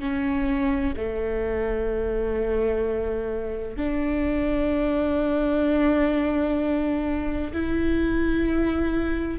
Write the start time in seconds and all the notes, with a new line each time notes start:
0.00 C#4
0.97 A3
3.78 D4
7.53 E4